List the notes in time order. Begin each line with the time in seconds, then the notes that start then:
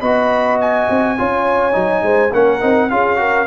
0.00 B3 F#4 D#5 B5
0.60 G#5
0.89 C4
1.18 C#4 F4 C#5
1.72 F#3 D#4
2.02 G#3 C5
2.32 A#3 C#4 A#4 F#5
2.60 C4 D#4
2.90 C#4 F4 G#4 F5
3.17 F#4 A#4